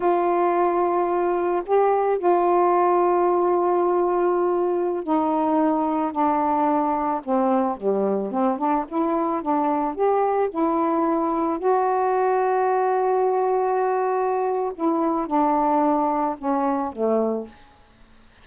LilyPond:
\new Staff \with { instrumentName = "saxophone" } { \time 4/4 \tempo 4 = 110 f'2. g'4 | f'1~ | f'4~ f'16 dis'2 d'8.~ | d'4~ d'16 c'4 g4 c'8 d'16~ |
d'16 e'4 d'4 g'4 e'8.~ | e'4~ e'16 fis'2~ fis'8.~ | fis'2. e'4 | d'2 cis'4 a4 | }